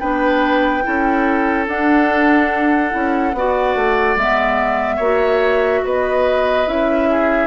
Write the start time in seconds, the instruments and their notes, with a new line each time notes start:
0.00 bassoon B3, clarinet D4, oboe B4, flute G5
0.83 bassoon C#4, clarinet E4, oboe A4
1.67 clarinet D4, bassoon D4, flute F#5
2.91 bassoon C#4, clarinet E4
3.34 bassoon B3, clarinet F#4, oboe D5
3.76 bassoon A3
4.16 bassoon G#3, clarinet B3, flute E5
4.97 bassoon A#3, clarinet F#4, oboe C#5
5.85 bassoon B3, oboe B4, flute D#5
6.67 bassoon C#4, clarinet E4, flute E5
7.11 oboe G#4